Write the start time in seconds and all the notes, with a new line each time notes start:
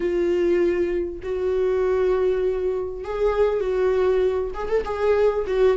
0.00 F4
1.22 F#4
3.04 G#4
3.60 F#4
4.53 G#4
4.68 A4
4.84 G#4
5.46 F#4